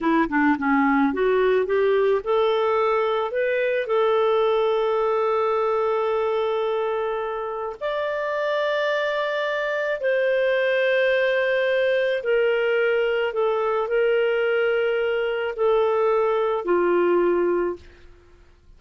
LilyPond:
\new Staff \with { instrumentName = "clarinet" } { \time 4/4 \tempo 4 = 108 e'8 d'8 cis'4 fis'4 g'4 | a'2 b'4 a'4~ | a'1~ | a'2 d''2~ |
d''2 c''2~ | c''2 ais'2 | a'4 ais'2. | a'2 f'2 | }